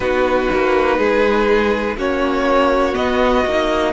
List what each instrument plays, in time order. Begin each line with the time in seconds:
0.00 cello B3, viola D#4, violin F#4 B4
0.53 cello A#3
0.98 cello G#3, violin G#4
1.96 cello A#3, viola C#4, violin F#4 C#5
2.93 viola B3, cello B3, violin D#5
3.44 cello A#3, viola D#4